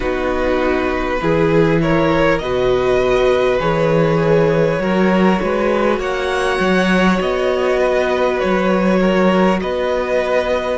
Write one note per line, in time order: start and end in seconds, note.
0.00 1.21 B3
0.00 1.18 D#4
0.00 1.19 F#4
0.00 1.78 B4
1.21 2.40 E3
1.21 2.41 E4
1.21 1.82 G#4
1.81 2.42 A#4
1.81 2.38 C#5
2.38 3.60 B2
2.38 3.60 F#4
2.38 4.82 B4
2.38 3.58 D#5
3.60 4.78 E3
3.60 4.80 G#4
3.60 6.00 C#5
4.78 5.38 F#3
4.78 10.78 F#4
4.78 5.42 A#4
5.42 5.99 G#3
5.42 5.99 B4
5.99 6.58 A#3
5.99 7.79 C#5
5.99 7.20 F#5
6.59 7.19 F#3
7.20 8.40 B3
7.20 8.39 D#5
7.79 8.99 B4
8.39 9.62 F#3
8.39 9.59 C#5
9.00 9.60 A#4
9.61 10.78 B3
9.61 10.78 B4
9.61 10.78 D#5